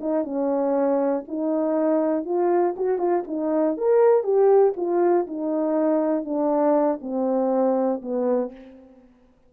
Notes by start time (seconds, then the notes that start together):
0.00 D#4
0.24 C#4
1.28 D#4
2.25 F4
2.76 F#4
2.98 F4
3.27 D#4
3.77 A#4
4.23 G4
4.77 F4
5.27 D#4
6.25 D4
7.01 C4
8.02 B3